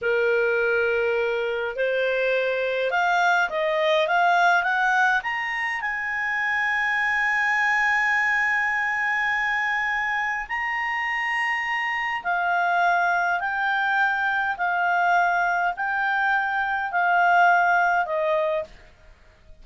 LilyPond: \new Staff \with { instrumentName = "clarinet" } { \time 4/4 \tempo 4 = 103 ais'2. c''4~ | c''4 f''4 dis''4 f''4 | fis''4 ais''4 gis''2~ | gis''1~ |
gis''2 ais''2~ | ais''4 f''2 g''4~ | g''4 f''2 g''4~ | g''4 f''2 dis''4 | }